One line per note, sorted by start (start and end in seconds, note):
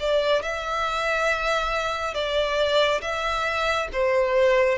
0.00 0.42 D5
0.42 2.14 E5
2.14 3.01 D5
3.02 3.89 E5
3.93 4.78 C5